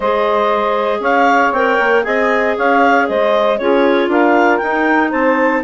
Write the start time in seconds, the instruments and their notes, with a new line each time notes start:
0.00 bassoon G#3, clarinet G#4 D#5, saxophone C5
0.99 bassoon C#4, saxophone C#5, clarinet F5
1.51 bassoon C4, clarinet A#4 G5
1.79 bassoon A#3
2.03 bassoon C4, clarinet G#4 G#5, saxophone D#5
2.56 bassoon C#4, saxophone C#5, clarinet F5
3.07 bassoon G#3, saxophone C5, clarinet D#5
3.58 bassoon C#4, clarinet F4 C#5, saxophone G#4
4.07 bassoon D4, saxophone A#4, clarinet F5
4.57 bassoon D#4, clarinet D#4 G5
5.09 bassoon C4, saxophone C5, clarinet A5